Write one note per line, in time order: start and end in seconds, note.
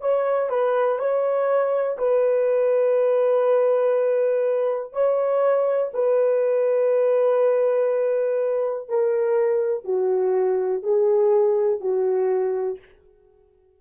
0.00 0.49 C#5
0.49 0.98 B4
0.99 1.97 C#5
1.98 4.92 B4
4.92 5.91 C#5
5.93 8.88 B4
8.88 9.84 A#4
9.84 10.82 F#4
10.82 11.80 G#4
11.80 12.79 F#4